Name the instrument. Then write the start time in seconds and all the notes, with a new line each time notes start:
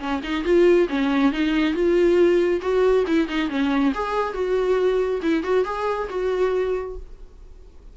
viola
0.00 C#4
0.23 D#4
0.45 F4
0.90 C#4
1.33 D#4
1.74 F4
2.62 F#4
3.07 E4
3.29 D#4
3.50 C#4
3.95 G#4
4.34 F#4
5.23 E4
5.44 F#4
5.65 G#4
6.10 F#4